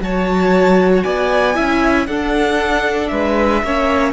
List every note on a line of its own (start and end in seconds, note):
0.00 1.03 F#3
0.00 1.55 F#4
0.00 1.04 C#5
0.00 1.04 A5
1.04 1.57 B3
1.04 1.56 D5
1.04 2.07 G#5
1.55 2.07 C#4
1.55 2.06 E4
1.55 2.08 E5
2.07 3.11 D4
2.07 3.66 D4
2.07 3.11 A4
2.07 3.08 F#5
3.08 3.63 G#3
3.08 3.63 B4
3.08 4.12 E5
3.63 4.13 A#3
3.63 4.13 C#4
3.63 4.13 C#5